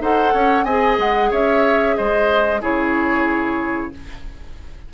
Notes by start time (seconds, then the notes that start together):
0.00 D#4 A4 C5 F#5
0.33 C#4 C#5
0.63 C4 G#4 D#5 G#5
0.98 G#3 F#5
1.30 C#4 C#5 E5
1.96 G#3 C5 D#5
2.61 C#3 E4 G#4 C#5